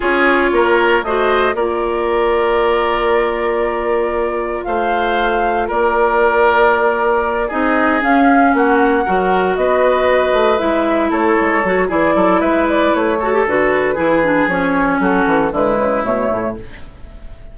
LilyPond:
<<
  \new Staff \with { instrumentName = "flute" } { \time 4/4 \tempo 4 = 116 cis''2 dis''4 d''4~ | d''1~ | d''4 f''2 d''4~ | d''2~ d''8 dis''4 f''8~ |
f''8 fis''2 dis''4.~ | dis''8 e''4 cis''4. d''4 | e''8 d''8 cis''4 b'2 | cis''4 a'4 b'4 cis''4 | }
  \new Staff \with { instrumentName = "oboe" } { \time 4/4 gis'4 ais'4 c''4 ais'4~ | ais'1~ | ais'4 c''2 ais'4~ | ais'2~ ais'8 gis'4.~ |
gis'8 fis'4 ais'4 b'4.~ | b'4. a'4. gis'8 a'8 | b'4. a'4. gis'4~ | gis'4 fis'4 e'2 | }
  \new Staff \with { instrumentName = "clarinet" } { \time 4/4 f'2 fis'4 f'4~ | f'1~ | f'1~ | f'2~ f'8 dis'4 cis'8~ |
cis'4. fis'2~ fis'8~ | fis'8 e'2 fis'8 e'4~ | e'4. fis'16 g'16 fis'4 e'8 d'8 | cis'2 gis4 a4 | }
  \new Staff \with { instrumentName = "bassoon" } { \time 4/4 cis'4 ais4 a4 ais4~ | ais1~ | ais4 a2 ais4~ | ais2~ ais8 c'4 cis'8~ |
cis'8 ais4 fis4 b4. | a8 gis4 a8 gis8 fis8 e8 fis8 | gis4 a4 d4 e4 | f4 fis8 e8 d8 cis8 b,8 a,8 | }
>>